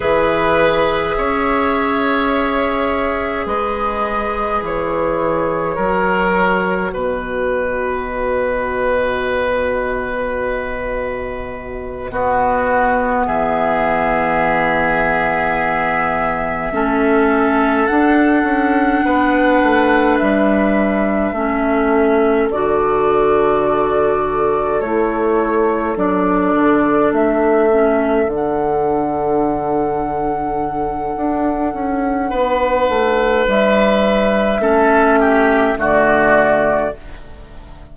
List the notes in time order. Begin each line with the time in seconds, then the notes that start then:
0.00 E3 G#4 B4 E5
1.17 C#4 C#5
3.45 G#3 B4 D#5
4.61 E3 C#5
5.75 F#3 F#4 A#4
6.92 B2 B4 D#5
12.11 B3 F#4
13.26 E3 G#4 E5
16.71 A3 C#4 A4
17.86 D4 F#5
18.43 C#4
19.04 B3 B4
19.62 A3
20.17 G3 E5
21.31 A3 C#4 A4
22.50 D3 F#4 D5
24.80 A3 E4 C#5
25.96 F#3 D4 D5
26.55 D3
27.12 A3 E5
27.72 C#4
28.26 D3 D4 F#5
31.16 D4
31.73 C#4
32.30 B3 B4
32.88 A3
33.47 G3 E5
34.59 A3 C#4 A4
35.19 G4
35.76 D3 A3 F#4 D5